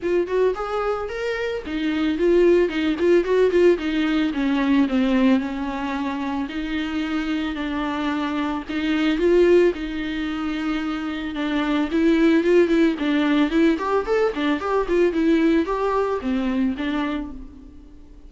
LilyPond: \new Staff \with { instrumentName = "viola" } { \time 4/4 \tempo 4 = 111 f'8 fis'8 gis'4 ais'4 dis'4 | f'4 dis'8 f'8 fis'8 f'8 dis'4 | cis'4 c'4 cis'2 | dis'2 d'2 |
dis'4 f'4 dis'2~ | dis'4 d'4 e'4 f'8 e'8 | d'4 e'8 g'8 a'8 d'8 g'8 f'8 | e'4 g'4 c'4 d'4 | }